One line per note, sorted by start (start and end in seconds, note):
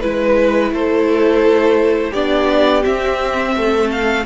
0.00 0.71 G#3
0.00 2.13 E4
0.00 0.71 B4
0.00 0.73 B4
0.71 2.12 A3
0.71 2.10 A4
0.71 2.12 C5
2.10 2.84 B3
2.10 2.82 D4
2.10 3.52 G4
2.10 2.83 D5
2.82 4.23 C4
2.82 3.55 C4
2.82 3.90 E5
3.55 4.25 A3
3.55 4.25 A4
3.91 4.25 F5